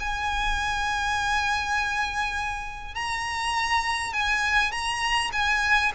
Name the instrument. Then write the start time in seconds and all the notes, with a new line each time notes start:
violin
0.00 G#5
2.95 A#5
4.14 G#5
4.72 A#5
5.33 G#5